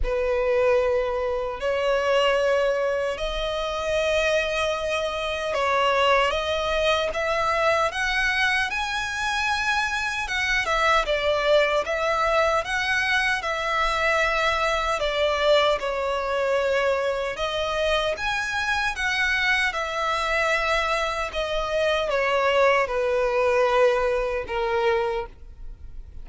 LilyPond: \new Staff \with { instrumentName = "violin" } { \time 4/4 \tempo 4 = 76 b'2 cis''2 | dis''2. cis''4 | dis''4 e''4 fis''4 gis''4~ | gis''4 fis''8 e''8 d''4 e''4 |
fis''4 e''2 d''4 | cis''2 dis''4 gis''4 | fis''4 e''2 dis''4 | cis''4 b'2 ais'4 | }